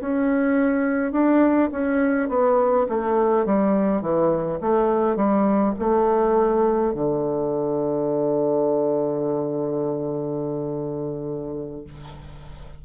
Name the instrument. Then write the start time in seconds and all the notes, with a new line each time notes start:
bassoon
0.00 C#4
1.12 D4
1.72 C#4
2.29 B3
2.89 A3
3.46 G3
4.02 E3
4.61 A3
5.16 G3
5.79 A3
6.94 D3